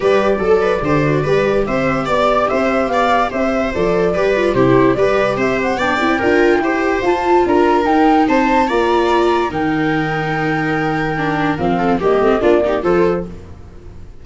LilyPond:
<<
  \new Staff \with { instrumentName = "flute" } { \time 4/4 \tempo 4 = 145 d''1 | e''4 d''4 e''4 f''4 | e''4 d''2 c''4 | d''4 e''8 fis''8 g''2~ |
g''4 a''4 ais''4 g''4 | a''4 ais''2 g''4~ | g''1 | f''4 dis''4 d''4 c''4 | }
  \new Staff \with { instrumentName = "viola" } { \time 4/4 b'4 a'8 b'8 c''4 b'4 | c''4 d''4 c''4 d''4 | c''2 b'4 g'4 | b'4 c''4 d''4 ais'4 |
c''2 ais'2 | c''4 d''2 ais'4~ | ais'1~ | ais'8 a'8 g'4 f'8 g'8 a'4 | }
  \new Staff \with { instrumentName = "viola" } { \time 4/4 g'4 a'4 g'8 fis'8 g'4~ | g'1~ | g'4 a'4 g'8 f'8 e'4 | g'2 d'8 e'8 f'4 |
g'4 f'2 dis'4~ | dis'4 f'2 dis'4~ | dis'2. d'4 | c'4 ais8 c'8 d'8 dis'8 f'4 | }
  \new Staff \with { instrumentName = "tuba" } { \time 4/4 g4 fis4 d4 g4 | c'4 b4 c'4 b4 | c'4 f4 g4 c4 | g4 c'4 b8 c'8 d'4 |
e'4 f'4 d'4 dis'4 | c'4 ais2 dis4~ | dis1 | f4 g8 a8 ais4 f4 | }
>>